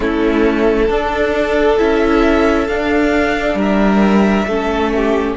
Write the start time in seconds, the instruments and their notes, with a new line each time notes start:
0.00 cello A3, viola C#4, violin E4 A4
0.88 cello D4, viola D4, violin A4
1.78 cello C#4, viola E4, violin E5
2.67 cello D4, viola D4, violin F5
3.54 cello G3, violin A#4
3.60 violin E5
4.46 cello A3, viola C#4, violin A4
4.95 violin G4